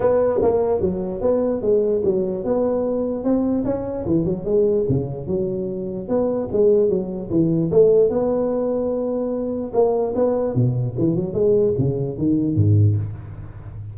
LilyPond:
\new Staff \with { instrumentName = "tuba" } { \time 4/4 \tempo 4 = 148 b4 ais4 fis4 b4 | gis4 fis4 b2 | c'4 cis'4 e8 fis8 gis4 | cis4 fis2 b4 |
gis4 fis4 e4 a4 | b1 | ais4 b4 b,4 e8 fis8 | gis4 cis4 dis4 gis,4 | }